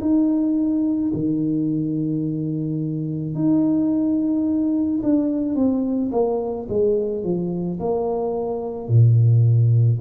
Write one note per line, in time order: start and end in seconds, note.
0.00 1.11 D#4
1.13 3.34 D#3
3.34 5.01 D#4
5.03 5.55 D4
5.55 6.11 C4
6.11 6.67 A#3
6.69 7.23 G#3
7.23 7.79 F3
7.79 8.88 A#3
8.88 9.99 A#2